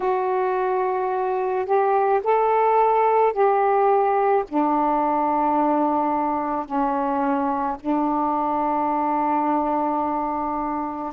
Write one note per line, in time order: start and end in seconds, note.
0.00 1.65 F#4
1.65 2.21 G4
2.23 3.32 A4
3.32 4.43 G4
4.48 6.65 D4
6.65 7.76 C#4
7.80 11.13 D4